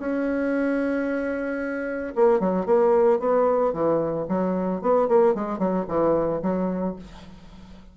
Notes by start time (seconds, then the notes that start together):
0.00 C#4
2.16 A#3
2.41 F#3
2.66 A#3
3.20 B3
3.74 E3
4.29 F#3
4.82 B3
5.09 A#3
5.35 G#3
5.59 F#3
5.89 E3
6.43 F#3